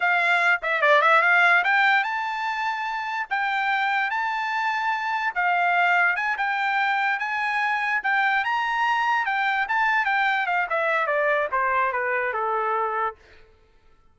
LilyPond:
\new Staff \with { instrumentName = "trumpet" } { \time 4/4 \tempo 4 = 146 f''4. e''8 d''8 e''8 f''4 | g''4 a''2. | g''2 a''2~ | a''4 f''2 gis''8 g''8~ |
g''4. gis''2 g''8~ | g''8 ais''2 g''4 a''8~ | a''8 g''4 f''8 e''4 d''4 | c''4 b'4 a'2 | }